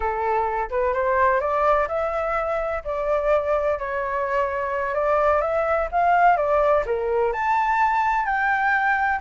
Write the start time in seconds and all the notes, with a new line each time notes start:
0.00 A4
0.70 B4
0.93 C5
1.40 D5
1.88 E5
2.84 D5
3.78 C#5
4.94 D5
5.41 E5
5.91 F5
6.37 D5
6.85 A#4
7.32 A5
8.25 G5